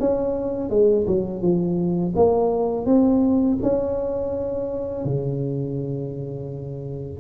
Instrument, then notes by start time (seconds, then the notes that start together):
tuba
0.00 C#4
0.70 G#3
1.07 F#3
1.42 F3
2.16 A#3
2.86 C4
3.63 C#4
5.05 C#3